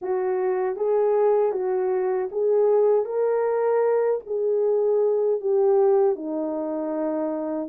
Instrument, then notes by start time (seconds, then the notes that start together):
horn
0.01 F#4
0.76 G#4
1.52 F#4
2.31 G#4
3.05 A#4
4.26 G#4
5.41 G4
6.15 D#4